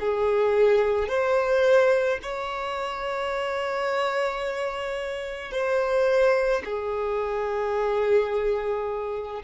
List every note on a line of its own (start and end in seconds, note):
0.00 1.09 G#4
1.09 2.20 C5
2.23 5.52 C#5
5.52 6.63 C5
6.65 9.43 G#4